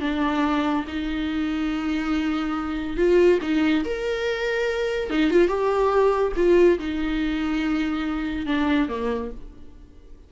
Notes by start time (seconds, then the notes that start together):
0.00 D4
0.87 D#4
2.97 F4
3.42 D#4
3.84 A#4
5.10 D#4
5.30 F4
5.47 G4
6.36 F4
6.79 D#4
8.46 D4
8.88 A#3